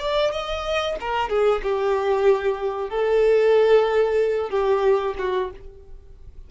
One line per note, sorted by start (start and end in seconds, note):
0.00 0.32 D5
0.32 0.96 D#5
1.01 1.30 A#4
1.30 1.62 G#4
1.63 2.90 G4
2.90 4.50 A4
4.50 5.15 G4
5.19 5.51 F#4